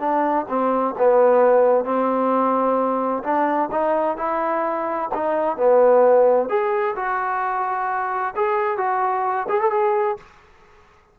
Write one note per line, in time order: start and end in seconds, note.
0.00 0.46 D4
0.49 0.95 C4
0.98 1.85 B3
1.85 3.23 C4
3.23 3.70 D4
3.72 4.17 D#4
4.17 5.10 E4
5.15 5.57 D#4
5.57 6.49 B3
6.49 6.95 G#4
6.96 8.35 F#4
8.36 8.78 G#4
8.78 9.47 F#4
9.49 9.61 G#4
9.61 9.71 A4
9.71 10.17 G#4